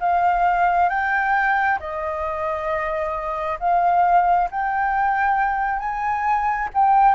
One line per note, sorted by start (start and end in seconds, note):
0.00 0.89 F5
0.89 1.79 G5
1.80 3.59 D#5
3.59 4.49 F5
4.51 5.79 G5
5.79 6.69 G#5
6.74 7.14 G5